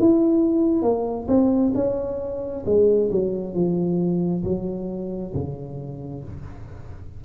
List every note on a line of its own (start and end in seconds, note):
0.00 0.83 E4
0.83 1.27 A#3
1.28 1.73 C4
1.75 2.65 C#4
2.66 3.11 G#3
3.12 3.54 F#3
3.54 4.44 F3
4.44 5.34 F#3
5.34 6.24 C#3